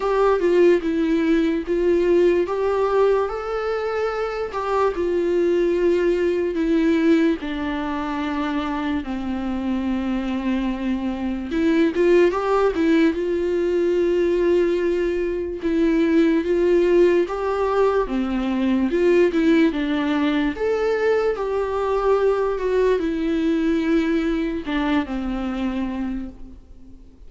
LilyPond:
\new Staff \with { instrumentName = "viola" } { \time 4/4 \tempo 4 = 73 g'8 f'8 e'4 f'4 g'4 | a'4. g'8 f'2 | e'4 d'2 c'4~ | c'2 e'8 f'8 g'8 e'8 |
f'2. e'4 | f'4 g'4 c'4 f'8 e'8 | d'4 a'4 g'4. fis'8 | e'2 d'8 c'4. | }